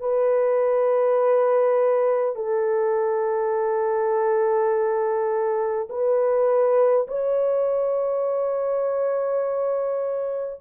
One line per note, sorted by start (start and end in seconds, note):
0.00 2.35 B4
2.35 5.88 A4
5.89 7.07 B4
7.07 10.60 C#5